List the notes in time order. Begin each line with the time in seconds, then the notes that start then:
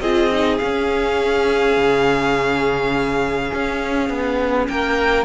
0.00 C4 F4 G#4 D#5
0.31 D#4
0.58 C#4 F5
1.77 C#3
3.53 C#4
4.09 B3
4.68 A#3 A#4 G5